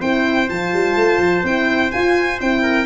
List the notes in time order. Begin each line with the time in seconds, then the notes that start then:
0.00 C4 E4 C5 G5
0.49 F3 F4 A5
0.73 G3
0.96 A3
1.19 F3
1.44 C4 E4 G5
1.92 F4 G#5
2.41 C4 E4 G5
2.63 A#4